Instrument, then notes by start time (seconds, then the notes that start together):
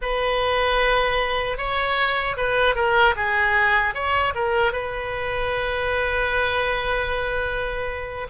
oboe
0.01 B4
1.57 C#5
2.36 B4
2.75 A#4
3.16 G#4
3.94 C#5
4.35 A#4
4.72 B4